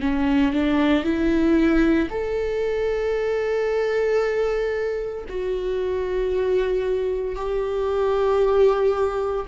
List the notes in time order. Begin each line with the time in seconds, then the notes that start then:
0.00 C#4
0.53 D4
1.04 E4
2.10 A4
5.29 F#4
7.35 G4